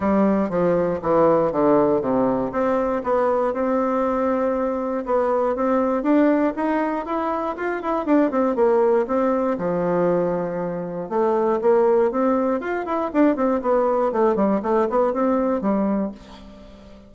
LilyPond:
\new Staff \with { instrumentName = "bassoon" } { \time 4/4 \tempo 4 = 119 g4 f4 e4 d4 | c4 c'4 b4 c'4~ | c'2 b4 c'4 | d'4 dis'4 e'4 f'8 e'8 |
d'8 c'8 ais4 c'4 f4~ | f2 a4 ais4 | c'4 f'8 e'8 d'8 c'8 b4 | a8 g8 a8 b8 c'4 g4 | }